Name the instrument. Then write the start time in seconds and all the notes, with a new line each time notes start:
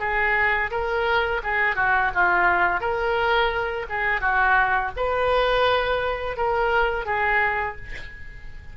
oboe
0.00 G#4
0.71 A#4
1.43 G#4
1.76 F#4
2.14 F4
2.80 A#4
3.90 G#4
4.21 F#4
4.97 B4
6.37 A#4
7.06 G#4